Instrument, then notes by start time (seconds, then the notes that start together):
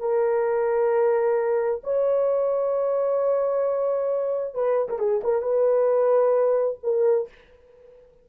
horn
0.00 A#4
1.84 C#5
4.55 B4
4.89 A#4
4.99 G#4
5.24 A#4
5.42 B4
6.83 A#4